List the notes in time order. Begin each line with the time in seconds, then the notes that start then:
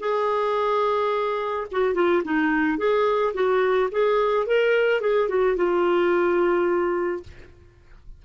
0.00 G#4
1.72 F#4
1.94 F4
2.24 D#4
2.78 G#4
3.34 F#4
3.92 G#4
4.46 A#4
5.01 G#4
5.29 F#4
5.57 F4